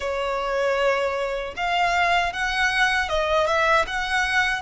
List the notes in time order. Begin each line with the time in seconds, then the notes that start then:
0.00 C#5
1.56 F5
2.33 F#5
3.08 D#5
3.47 E5
3.86 F#5